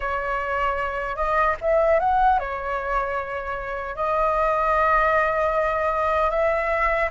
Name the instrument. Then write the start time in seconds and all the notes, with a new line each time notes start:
flute
0.00 C#5
1.16 D#5
1.61 E5
2.00 F#5
2.39 C#5
3.95 D#5
6.30 E5